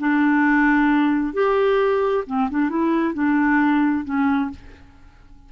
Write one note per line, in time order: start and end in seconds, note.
0.00 1.34 D4
1.34 2.25 G4
2.27 2.50 C4
2.51 2.70 D4
2.70 3.14 E4
3.14 4.05 D4
4.05 4.51 C#4